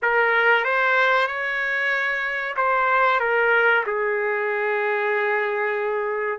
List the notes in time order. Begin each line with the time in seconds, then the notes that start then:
0.02 A#4
0.64 C5
1.27 C#5
2.56 C5
3.20 A#4
3.86 G#4